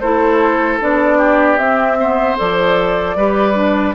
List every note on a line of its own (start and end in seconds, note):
0.00 0.81 A3
0.00 0.81 E4
0.00 1.18 A4
0.00 0.79 C5
0.81 1.58 B3
0.81 1.58 D4
0.81 1.58 D5
1.18 1.97 G4
1.58 2.37 C4
1.58 1.98 C4
1.58 2.37 E5
1.99 2.37 B3
1.99 3.17 C5
2.37 3.16 F3
2.37 3.16 A4
2.37 3.95 D5
3.16 3.95 G3
3.16 3.54 G4
3.16 3.95 B4
3.54 3.94 D4